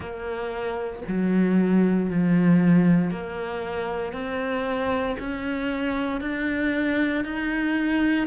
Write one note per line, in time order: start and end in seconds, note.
0.00 1.03 A#3
1.08 2.09 F#3
2.09 3.10 F3
3.10 4.12 A#3
4.12 5.16 C4
5.19 6.21 C#4
6.21 7.24 D4
7.24 8.27 D#4